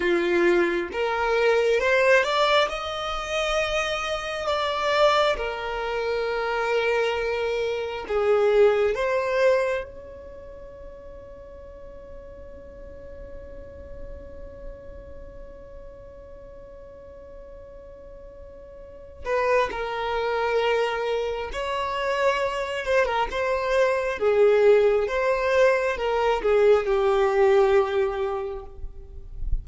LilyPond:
\new Staff \with { instrumentName = "violin" } { \time 4/4 \tempo 4 = 67 f'4 ais'4 c''8 d''8 dis''4~ | dis''4 d''4 ais'2~ | ais'4 gis'4 c''4 cis''4~ | cis''1~ |
cis''1~ | cis''4. b'8 ais'2 | cis''4. c''16 ais'16 c''4 gis'4 | c''4 ais'8 gis'8 g'2 | }